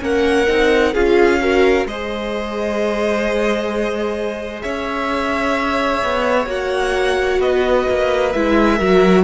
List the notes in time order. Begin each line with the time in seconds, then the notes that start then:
0.00 A#3 C#4 A#4 F#5
0.47 C4 D#4
0.94 C#4 F4 G#4 F5
1.41 F#4 A#4
1.86 G#3 G#4 C5 D#5
4.62 C#4 C#5 E5
6.03 B3
6.47 A#3 F#4 F#5
7.39 B3 B4 D#5
7.89 A#3
8.32 G#3 E4 E5
8.76 F#3 F#4 A#4